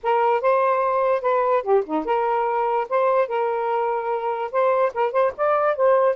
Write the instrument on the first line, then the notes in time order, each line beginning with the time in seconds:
saxophone
0.03 A#4
0.41 C5
1.21 B4
1.63 G4
1.85 D#4
2.05 A#4
2.89 C5
3.27 A#4
4.51 C5
4.94 A#4
5.12 C5
5.37 D5
5.76 C5